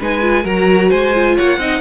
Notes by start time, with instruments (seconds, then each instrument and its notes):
0.00 cello G#3, viola D#4, violin B4 G#5
0.22 viola F4
0.44 cello F#3, viola F#4, violin A#4 A#5
0.90 cello G#3, violin C5 G#5
1.15 viola F4
1.36 cello A#3, violin C#5 F#5
1.58 cello C4, viola D#4, violin D#5